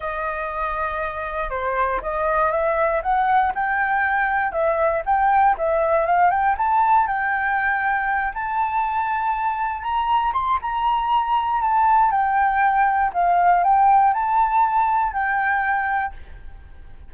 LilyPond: \new Staff \with { instrumentName = "flute" } { \time 4/4 \tempo 4 = 119 dis''2. c''4 | dis''4 e''4 fis''4 g''4~ | g''4 e''4 g''4 e''4 | f''8 g''8 a''4 g''2~ |
g''8 a''2. ais''8~ | ais''8 c'''8 ais''2 a''4 | g''2 f''4 g''4 | a''2 g''2 | }